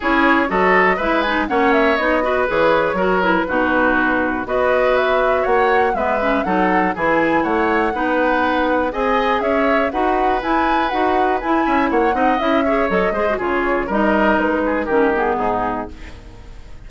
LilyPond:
<<
  \new Staff \with { instrumentName = "flute" } { \time 4/4 \tempo 4 = 121 cis''4 dis''4 e''8 gis''8 fis''8 e''8 | dis''4 cis''4. b'4.~ | b'4 dis''4 e''4 fis''4 | e''4 fis''4 gis''4 fis''4~ |
fis''2 gis''4 e''4 | fis''4 gis''4 fis''4 gis''4 | fis''4 e''4 dis''4 cis''4 | dis''4 b'4 ais'8 gis'4. | }
  \new Staff \with { instrumentName = "oboe" } { \time 4/4 gis'4 a'4 b'4 cis''4~ | cis''8 b'4. ais'4 fis'4~ | fis'4 b'2 cis''4 | b'4 a'4 gis'4 cis''4 |
b'2 dis''4 cis''4 | b'2.~ b'8 e''8 | cis''8 dis''4 cis''4 c''8 gis'4 | ais'4. gis'8 g'4 dis'4 | }
  \new Staff \with { instrumentName = "clarinet" } { \time 4/4 e'4 fis'4 e'8 dis'8 cis'4 | dis'8 fis'8 gis'4 fis'8 e'8 dis'4~ | dis'4 fis'2. | b8 cis'8 dis'4 e'2 |
dis'2 gis'2 | fis'4 e'4 fis'4 e'4~ | e'8 dis'8 e'8 gis'8 a'8 gis'16 fis'16 f'4 | dis'2 cis'8 b4. | }
  \new Staff \with { instrumentName = "bassoon" } { \time 4/4 cis'4 fis4 gis4 ais4 | b4 e4 fis4 b,4~ | b,4 b2 ais4 | gis4 fis4 e4 a4 |
b2 c'4 cis'4 | dis'4 e'4 dis'4 e'8 cis'8 | ais8 c'8 cis'4 fis8 gis8 cis4 | g4 gis4 dis4 gis,4 | }
>>